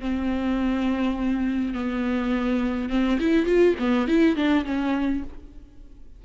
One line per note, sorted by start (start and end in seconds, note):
0.00 1.74 C4
1.74 2.90 B3
2.90 3.19 C4
3.20 3.46 E4
3.46 3.75 F4
3.79 4.08 B3
4.08 4.36 E4
4.36 4.65 D4
4.65 5.24 C#4